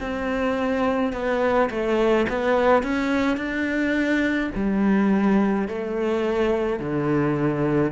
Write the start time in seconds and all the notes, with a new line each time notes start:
0.00 C4
1.12 B3
1.70 A3
2.28 B3
2.83 C#4
3.37 D4
4.55 G3
5.68 A3
6.79 D3